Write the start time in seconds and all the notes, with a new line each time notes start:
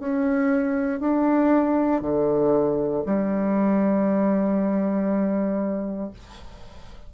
0.00 C#4
1.00 D4
2.02 D3
3.06 G3